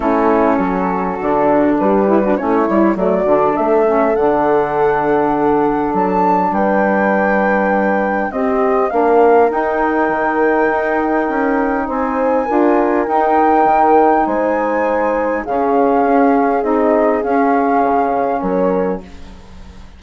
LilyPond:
<<
  \new Staff \with { instrumentName = "flute" } { \time 4/4 \tempo 4 = 101 a'2. b'4 | cis''4 d''4 e''4 fis''4~ | fis''2 a''4 g''4~ | g''2 dis''4 f''4 |
g''1 | gis''2 g''2 | gis''2 f''2 | dis''4 f''2 cis''4 | }
  \new Staff \with { instrumentName = "horn" } { \time 4/4 e'4 fis'2 g'8. fis'16 | e'4 fis'4 a'2~ | a'2. b'4~ | b'2 g'4 ais'4~ |
ais'1 | c''4 ais'2. | c''2 gis'2~ | gis'2. ais'4 | }
  \new Staff \with { instrumentName = "saxophone" } { \time 4/4 cis'2 d'4. e'16 d'16 | cis'8 e'8 a8 d'4 cis'8 d'4~ | d'1~ | d'2 c'4 d'4 |
dis'1~ | dis'4 f'4 dis'2~ | dis'2 cis'2 | dis'4 cis'2. | }
  \new Staff \with { instrumentName = "bassoon" } { \time 4/4 a4 fis4 d4 g4 | a8 g8 fis8 d8 a4 d4~ | d2 fis4 g4~ | g2 c'4 ais4 |
dis'4 dis4 dis'4 cis'4 | c'4 d'4 dis'4 dis4 | gis2 cis4 cis'4 | c'4 cis'4 cis4 fis4 | }
>>